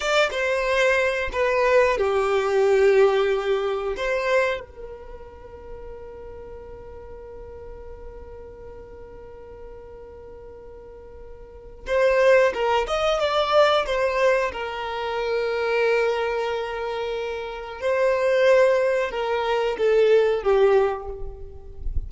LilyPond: \new Staff \with { instrumentName = "violin" } { \time 4/4 \tempo 4 = 91 d''8 c''4. b'4 g'4~ | g'2 c''4 ais'4~ | ais'1~ | ais'1~ |
ais'2 c''4 ais'8 dis''8 | d''4 c''4 ais'2~ | ais'2. c''4~ | c''4 ais'4 a'4 g'4 | }